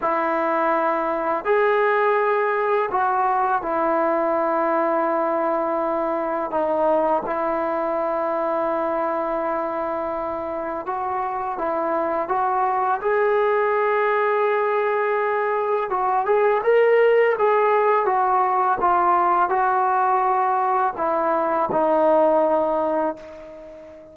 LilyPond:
\new Staff \with { instrumentName = "trombone" } { \time 4/4 \tempo 4 = 83 e'2 gis'2 | fis'4 e'2.~ | e'4 dis'4 e'2~ | e'2. fis'4 |
e'4 fis'4 gis'2~ | gis'2 fis'8 gis'8 ais'4 | gis'4 fis'4 f'4 fis'4~ | fis'4 e'4 dis'2 | }